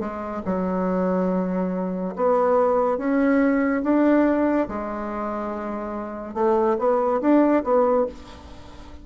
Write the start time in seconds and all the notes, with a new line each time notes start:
0.00 G#3
0.46 F#3
2.16 B3
2.98 C#4
3.84 D4
4.69 G#3
6.35 A3
6.79 B3
7.21 D4
7.64 B3